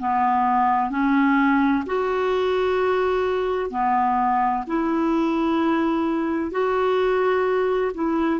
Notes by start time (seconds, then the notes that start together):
0.00 B3
0.90 C#4
1.86 F#4
3.70 B3
4.67 E4
6.51 F#4
7.94 E4